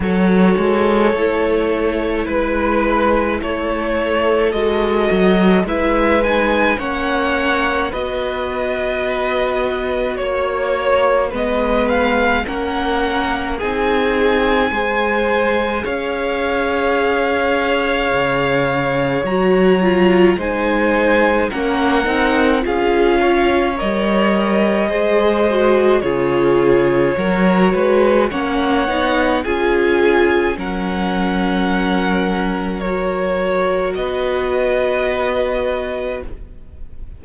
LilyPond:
<<
  \new Staff \with { instrumentName = "violin" } { \time 4/4 \tempo 4 = 53 cis''2 b'4 cis''4 | dis''4 e''8 gis''8 fis''4 dis''4~ | dis''4 cis''4 dis''8 f''8 fis''4 | gis''2 f''2~ |
f''4 ais''4 gis''4 fis''4 | f''4 dis''2 cis''4~ | cis''4 fis''4 gis''4 fis''4~ | fis''4 cis''4 dis''2 | }
  \new Staff \with { instrumentName = "violin" } { \time 4/4 a'2 b'4 a'4~ | a'4 b'4 cis''4 b'4~ | b'4 cis''4 b'4 ais'4 | gis'4 c''4 cis''2~ |
cis''2 c''4 ais'4 | gis'8 cis''4. c''4 gis'4 | ais'8 b'8 cis''4 gis'4 ais'4~ | ais'2 b'2 | }
  \new Staff \with { instrumentName = "viola" } { \time 4/4 fis'4 e'2. | fis'4 e'8 dis'8 cis'4 fis'4~ | fis'2 b4 cis'4 | dis'4 gis'2.~ |
gis'4 fis'8 f'8 dis'4 cis'8 dis'8 | f'4 ais'4 gis'8 fis'8 f'4 | fis'4 cis'8 dis'8 f'4 cis'4~ | cis'4 fis'2. | }
  \new Staff \with { instrumentName = "cello" } { \time 4/4 fis8 gis8 a4 gis4 a4 | gis8 fis8 gis4 ais4 b4~ | b4 ais4 gis4 ais4 | c'4 gis4 cis'2 |
cis4 fis4 gis4 ais8 c'8 | cis'4 g4 gis4 cis4 | fis8 gis8 ais8 b8 cis'4 fis4~ | fis2 b2 | }
>>